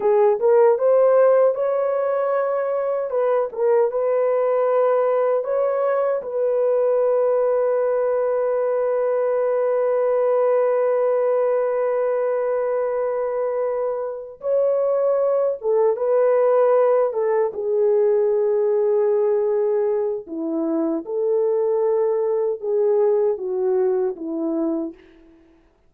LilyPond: \new Staff \with { instrumentName = "horn" } { \time 4/4 \tempo 4 = 77 gis'8 ais'8 c''4 cis''2 | b'8 ais'8 b'2 cis''4 | b'1~ | b'1~ |
b'2~ b'8 cis''4. | a'8 b'4. a'8 gis'4.~ | gis'2 e'4 a'4~ | a'4 gis'4 fis'4 e'4 | }